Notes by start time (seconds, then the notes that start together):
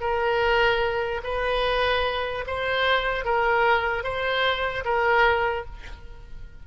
0.00 A#4
1.24 B4
2.46 C5
3.25 A#4
4.03 C5
4.84 A#4